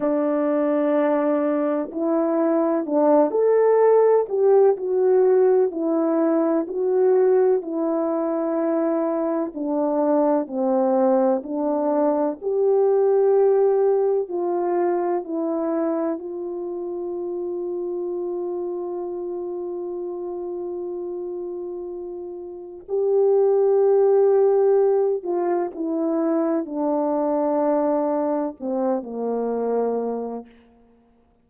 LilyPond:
\new Staff \with { instrumentName = "horn" } { \time 4/4 \tempo 4 = 63 d'2 e'4 d'8 a'8~ | a'8 g'8 fis'4 e'4 fis'4 | e'2 d'4 c'4 | d'4 g'2 f'4 |
e'4 f'2.~ | f'1 | g'2~ g'8 f'8 e'4 | d'2 c'8 ais4. | }